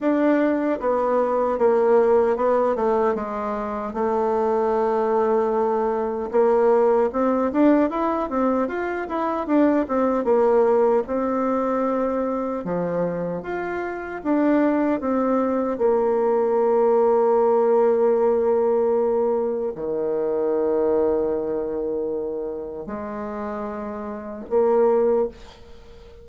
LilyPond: \new Staff \with { instrumentName = "bassoon" } { \time 4/4 \tempo 4 = 76 d'4 b4 ais4 b8 a8 | gis4 a2. | ais4 c'8 d'8 e'8 c'8 f'8 e'8 | d'8 c'8 ais4 c'2 |
f4 f'4 d'4 c'4 | ais1~ | ais4 dis2.~ | dis4 gis2 ais4 | }